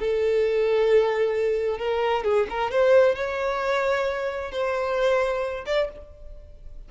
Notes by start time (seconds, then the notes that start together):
0.00 A4
1.79 A#4
2.25 G#4
2.50 A#4
2.71 C5
3.16 C#5
4.52 C5
5.67 D5